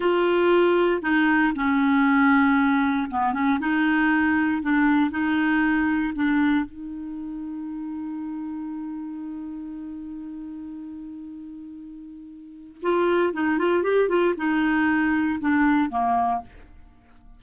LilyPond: \new Staff \with { instrumentName = "clarinet" } { \time 4/4 \tempo 4 = 117 f'2 dis'4 cis'4~ | cis'2 b8 cis'8 dis'4~ | dis'4 d'4 dis'2 | d'4 dis'2.~ |
dis'1~ | dis'1~ | dis'4 f'4 dis'8 f'8 g'8 f'8 | dis'2 d'4 ais4 | }